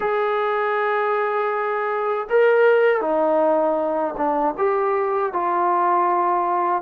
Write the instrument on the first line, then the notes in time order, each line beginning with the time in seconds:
trombone
0.00 G#4
2.29 A#4
3.00 D#4
4.17 D4
4.57 G4
5.33 F4